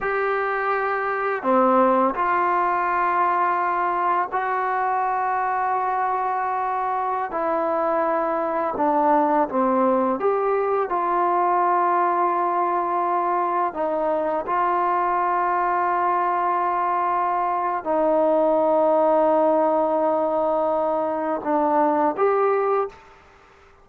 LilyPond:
\new Staff \with { instrumentName = "trombone" } { \time 4/4 \tempo 4 = 84 g'2 c'4 f'4~ | f'2 fis'2~ | fis'2~ fis'16 e'4.~ e'16~ | e'16 d'4 c'4 g'4 f'8.~ |
f'2.~ f'16 dis'8.~ | dis'16 f'2.~ f'8.~ | f'4 dis'2.~ | dis'2 d'4 g'4 | }